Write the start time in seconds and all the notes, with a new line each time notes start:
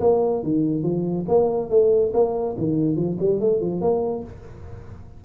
0.00 A#3
0.43 D#3
0.83 F3
1.28 A#3
1.69 A3
2.13 A#3
2.57 D#3
2.96 F3
3.19 G3
3.40 A3
3.60 F3
3.81 A#3